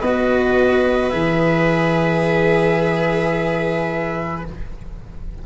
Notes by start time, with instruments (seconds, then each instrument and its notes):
0.00 tuba B3, cello F#4, viola B4, trumpet D#5
1.09 tuba E3, cello G#4, trumpet E5